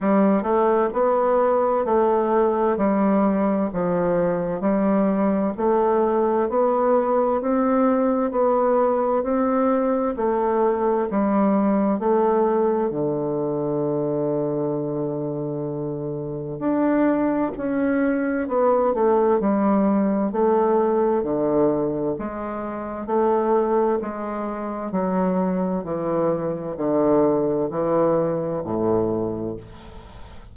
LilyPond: \new Staff \with { instrumentName = "bassoon" } { \time 4/4 \tempo 4 = 65 g8 a8 b4 a4 g4 | f4 g4 a4 b4 | c'4 b4 c'4 a4 | g4 a4 d2~ |
d2 d'4 cis'4 | b8 a8 g4 a4 d4 | gis4 a4 gis4 fis4 | e4 d4 e4 a,4 | }